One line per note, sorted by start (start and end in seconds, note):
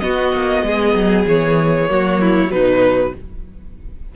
0.00 1.88 B3
0.00 0.33 B3
0.00 0.66 F#4
0.00 1.25 D#5
0.33 0.63 A#3
0.63 0.94 G#3
0.63 1.91 G#4
0.94 1.26 F#3
1.27 1.90 E3
1.27 2.51 C#5
1.88 2.51 F#3
1.88 2.49 A#3
1.88 2.21 F#4
2.21 2.53 E4
2.49 3.13 B2
2.49 3.12 F#3
2.49 3.16 D#4
2.49 3.14 B4